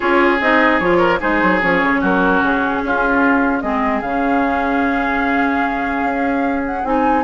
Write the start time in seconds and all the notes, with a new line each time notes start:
0.00 C#4 F4 G#4 C#5
0.40 C4 D#4 D#5
0.79 F3 F4 C#5
0.98 A#4
1.20 G#3 D#4 G#4 C5
1.42 F#3
1.62 F3 C#4 C#5
1.83 C#3
2.01 F#3 F#4 A#4
2.41 C#3 G#4
2.83 C#4 F4
3.60 G#3 C4 G#4 D#5
4.01 C#3 C#4 F5
6.02 C#4
6.65 F#5
6.84 C4 D#4 G#5